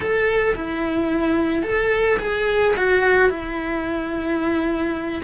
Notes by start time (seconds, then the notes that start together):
0.00 A4
0.55 E4
1.62 A4
2.19 G#4
2.76 F#4
3.29 E4